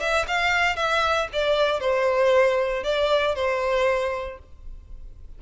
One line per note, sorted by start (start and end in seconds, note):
0.00 0.26 E5
0.28 0.76 F5
0.76 1.28 E5
1.33 1.80 D5
1.80 2.84 C5
2.84 3.35 D5
3.35 4.38 C5